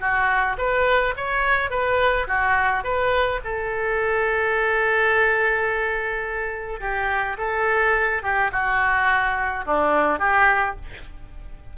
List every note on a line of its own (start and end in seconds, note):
0.00 0.57 F#4
0.58 1.14 B4
1.17 1.70 C#5
1.70 2.27 B4
2.28 2.84 F#4
2.84 3.40 B4
3.44 6.81 A4
6.81 7.37 G4
7.38 8.23 A4
8.23 8.51 G4
8.52 9.65 F#4
9.66 10.19 D4
10.19 10.76 G4